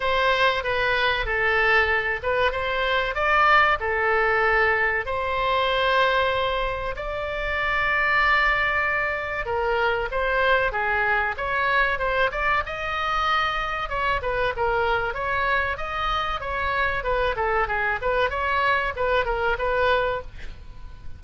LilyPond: \new Staff \with { instrumentName = "oboe" } { \time 4/4 \tempo 4 = 95 c''4 b'4 a'4. b'8 | c''4 d''4 a'2 | c''2. d''4~ | d''2. ais'4 |
c''4 gis'4 cis''4 c''8 d''8 | dis''2 cis''8 b'8 ais'4 | cis''4 dis''4 cis''4 b'8 a'8 | gis'8 b'8 cis''4 b'8 ais'8 b'4 | }